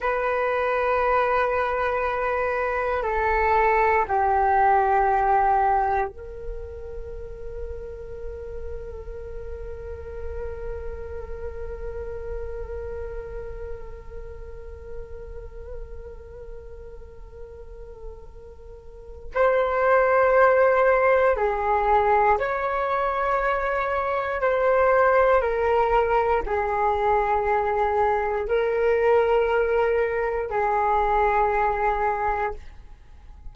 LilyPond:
\new Staff \with { instrumentName = "flute" } { \time 4/4 \tempo 4 = 59 b'2. a'4 | g'2 ais'2~ | ais'1~ | ais'1~ |
ais'2. c''4~ | c''4 gis'4 cis''2 | c''4 ais'4 gis'2 | ais'2 gis'2 | }